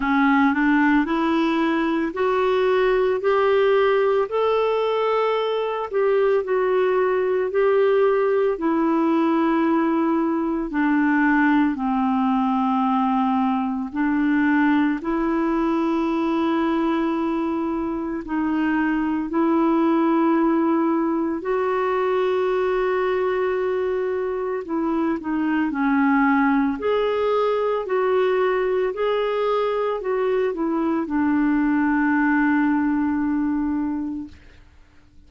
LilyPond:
\new Staff \with { instrumentName = "clarinet" } { \time 4/4 \tempo 4 = 56 cis'8 d'8 e'4 fis'4 g'4 | a'4. g'8 fis'4 g'4 | e'2 d'4 c'4~ | c'4 d'4 e'2~ |
e'4 dis'4 e'2 | fis'2. e'8 dis'8 | cis'4 gis'4 fis'4 gis'4 | fis'8 e'8 d'2. | }